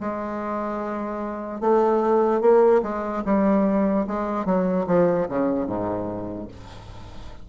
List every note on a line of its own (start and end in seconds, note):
0.00 1.60 G#3
1.60 2.40 A3
2.40 2.81 A#3
2.82 3.23 G#3
3.25 4.06 G3
4.07 4.45 G#3
4.45 4.85 F#3
4.86 5.27 F3
5.28 5.66 C#3
5.66 6.48 G#2